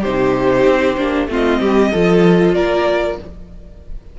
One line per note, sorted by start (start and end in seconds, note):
0.00 0.65 C3
0.00 0.97 D#4
0.00 1.26 G4
0.00 1.29 C5
0.65 0.96 C4
0.97 1.27 A#3
0.97 1.28 D4
1.27 1.59 A3
1.27 1.92 C4
1.27 1.60 F4
1.27 2.54 D#5
1.60 1.92 G3
1.60 1.91 G4
1.92 2.55 F3
1.92 3.19 F4
1.92 2.54 A4
2.54 3.19 A#3
2.54 3.18 A#4
2.54 3.17 D5